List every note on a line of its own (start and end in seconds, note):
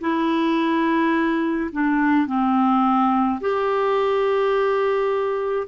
0.00 1.70 E4
1.72 2.26 D4
2.26 3.40 C4
3.41 5.67 G4